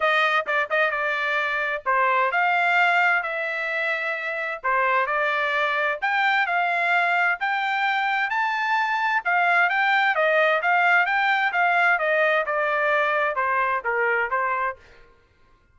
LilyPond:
\new Staff \with { instrumentName = "trumpet" } { \time 4/4 \tempo 4 = 130 dis''4 d''8 dis''8 d''2 | c''4 f''2 e''4~ | e''2 c''4 d''4~ | d''4 g''4 f''2 |
g''2 a''2 | f''4 g''4 dis''4 f''4 | g''4 f''4 dis''4 d''4~ | d''4 c''4 ais'4 c''4 | }